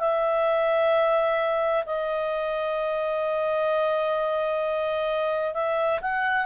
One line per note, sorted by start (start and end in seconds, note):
0.00 1.85 E5
1.86 5.54 D#5
5.54 6.00 E5
6.02 6.46 F#5